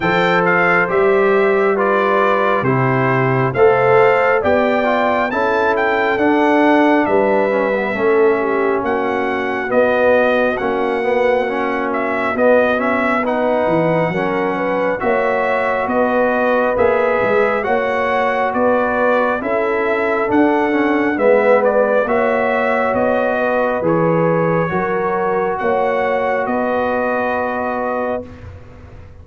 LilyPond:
<<
  \new Staff \with { instrumentName = "trumpet" } { \time 4/4 \tempo 4 = 68 g''8 f''8 e''4 d''4 c''4 | f''4 g''4 a''8 g''8 fis''4 | e''2 fis''4 dis''4 | fis''4. e''8 dis''8 e''8 fis''4~ |
fis''4 e''4 dis''4 e''4 | fis''4 d''4 e''4 fis''4 | e''8 d''8 e''4 dis''4 cis''4~ | cis''4 fis''4 dis''2 | }
  \new Staff \with { instrumentName = "horn" } { \time 4/4 c''2 b'4 g'4 | c''4 d''4 a'2 | b'4 a'8 g'8 fis'2~ | fis'2. b'4 |
ais'8 b'8 cis''4 b'2 | cis''4 b'4 a'2 | b'4 cis''4. b'4. | ais'4 cis''4 b'2 | }
  \new Staff \with { instrumentName = "trombone" } { \time 4/4 a'4 g'4 f'4 e'4 | a'4 g'8 f'8 e'4 d'4~ | d'8 cis'16 b16 cis'2 b4 | cis'8 b8 cis'4 b8 cis'8 dis'4 |
cis'4 fis'2 gis'4 | fis'2 e'4 d'8 cis'8 | b4 fis'2 gis'4 | fis'1 | }
  \new Staff \with { instrumentName = "tuba" } { \time 4/4 f4 g2 c4 | a4 b4 cis'4 d'4 | g4 a4 ais4 b4 | ais2 b4. e8 |
fis4 ais4 b4 ais8 gis8 | ais4 b4 cis'4 d'4 | gis4 ais4 b4 e4 | fis4 ais4 b2 | }
>>